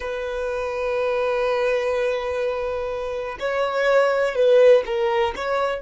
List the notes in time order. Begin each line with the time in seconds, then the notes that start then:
0.00 B4
3.39 C#5
4.35 B4
4.86 A#4
5.35 C#5